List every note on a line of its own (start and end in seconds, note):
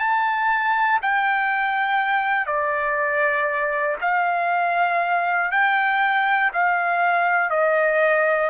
0.00 1.00 A5
1.02 2.47 G5
2.47 3.97 D5
4.01 5.51 F5
5.51 6.51 G5
6.54 7.50 F5
7.50 8.50 D#5